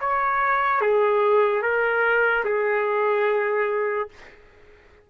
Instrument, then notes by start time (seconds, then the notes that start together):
trumpet
0.00 C#5
0.80 G#4
1.62 A#4
2.44 G#4